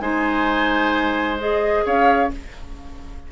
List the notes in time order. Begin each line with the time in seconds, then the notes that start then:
0.00 G#3 D#4 C5 G#5
1.39 G#4 D#5
1.85 C#4 C#5 F5